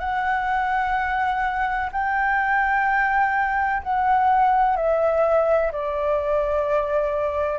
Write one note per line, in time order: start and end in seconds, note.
0.00 1.90 F#5
1.92 3.83 G5
3.83 4.77 F#5
4.77 5.72 E5
5.72 7.59 D5